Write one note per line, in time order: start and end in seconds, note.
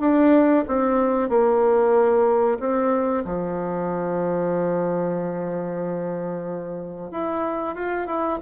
0.00 0.65 D4
0.67 1.29 C4
1.29 2.58 A#3
2.60 3.24 C4
3.25 7.11 F3
7.11 7.75 E4
7.75 8.06 F4
8.06 8.39 E4